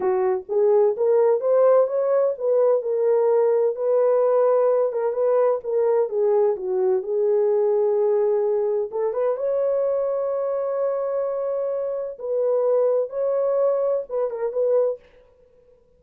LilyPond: \new Staff \with { instrumentName = "horn" } { \time 4/4 \tempo 4 = 128 fis'4 gis'4 ais'4 c''4 | cis''4 b'4 ais'2 | b'2~ b'8 ais'8 b'4 | ais'4 gis'4 fis'4 gis'4~ |
gis'2. a'8 b'8 | cis''1~ | cis''2 b'2 | cis''2 b'8 ais'8 b'4 | }